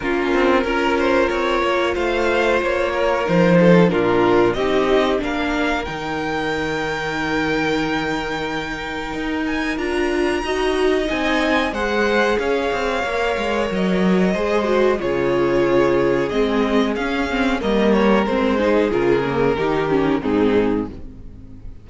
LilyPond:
<<
  \new Staff \with { instrumentName = "violin" } { \time 4/4 \tempo 4 = 92 ais'2. f''4 | cis''4 c''4 ais'4 dis''4 | f''4 g''2.~ | g''2~ g''8 gis''8 ais''4~ |
ais''4 gis''4 fis''4 f''4~ | f''4 dis''2 cis''4~ | cis''4 dis''4 f''4 dis''8 cis''8 | c''4 ais'2 gis'4 | }
  \new Staff \with { instrumentName = "violin" } { \time 4/4 f'4 ais'8 c''8 cis''4 c''4~ | c''8 ais'4 a'8 f'4 g'4 | ais'1~ | ais'1 |
dis''2 c''4 cis''4~ | cis''2 c''4 gis'4~ | gis'2. ais'4~ | ais'8 gis'4. g'4 dis'4 | }
  \new Staff \with { instrumentName = "viola" } { \time 4/4 cis'4 f'2.~ | f'4 dis'4 d'4 dis'4 | d'4 dis'2.~ | dis'2. f'4 |
fis'4 dis'4 gis'2 | ais'2 gis'8 fis'8 f'4~ | f'4 c'4 cis'8 c'8 ais4 | c'8 dis'8 f'8 ais8 dis'8 cis'8 c'4 | }
  \new Staff \with { instrumentName = "cello" } { \time 4/4 ais8 c'8 cis'4 c'8 ais8 a4 | ais4 f4 ais,4 c'4 | ais4 dis2.~ | dis2 dis'4 d'4 |
dis'4 c'4 gis4 cis'8 c'8 | ais8 gis8 fis4 gis4 cis4~ | cis4 gis4 cis'4 g4 | gis4 cis4 dis4 gis,4 | }
>>